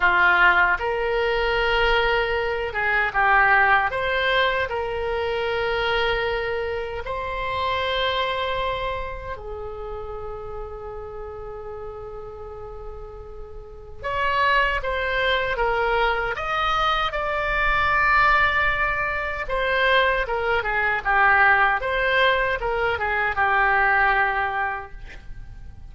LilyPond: \new Staff \with { instrumentName = "oboe" } { \time 4/4 \tempo 4 = 77 f'4 ais'2~ ais'8 gis'8 | g'4 c''4 ais'2~ | ais'4 c''2. | gis'1~ |
gis'2 cis''4 c''4 | ais'4 dis''4 d''2~ | d''4 c''4 ais'8 gis'8 g'4 | c''4 ais'8 gis'8 g'2 | }